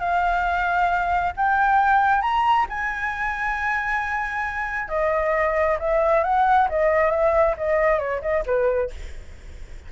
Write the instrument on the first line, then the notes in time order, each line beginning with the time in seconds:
flute
0.00 F5
1.37 G5
2.22 A#5
2.69 G#5
4.89 D#5
5.80 E5
6.24 F#5
6.69 D#5
7.11 E5
7.58 D#5
7.99 C#5
8.22 D#5
8.46 B4